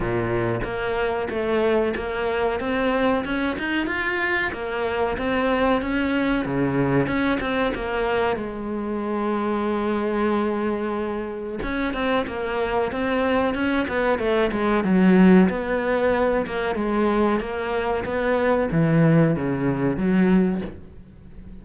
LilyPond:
\new Staff \with { instrumentName = "cello" } { \time 4/4 \tempo 4 = 93 ais,4 ais4 a4 ais4 | c'4 cis'8 dis'8 f'4 ais4 | c'4 cis'4 cis4 cis'8 c'8 | ais4 gis2.~ |
gis2 cis'8 c'8 ais4 | c'4 cis'8 b8 a8 gis8 fis4 | b4. ais8 gis4 ais4 | b4 e4 cis4 fis4 | }